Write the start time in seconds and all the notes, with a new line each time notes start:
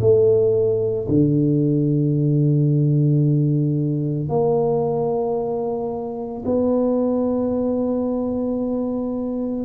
0.00 A3
1.08 D3
4.29 A#3
6.46 B3